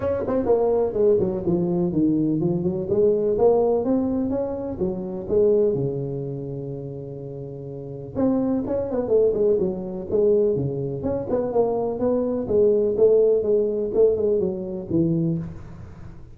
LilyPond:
\new Staff \with { instrumentName = "tuba" } { \time 4/4 \tempo 4 = 125 cis'8 c'8 ais4 gis8 fis8 f4 | dis4 f8 fis8 gis4 ais4 | c'4 cis'4 fis4 gis4 | cis1~ |
cis4 c'4 cis'8 b8 a8 gis8 | fis4 gis4 cis4 cis'8 b8 | ais4 b4 gis4 a4 | gis4 a8 gis8 fis4 e4 | }